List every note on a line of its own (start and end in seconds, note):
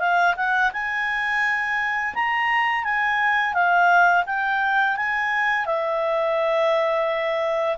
0.00 0.35 F5
0.37 0.72 F#5
0.73 2.14 G#5
2.15 2.85 A#5
2.85 3.54 G#5
3.54 4.25 F5
4.26 4.97 G5
4.97 5.66 G#5
5.66 7.78 E5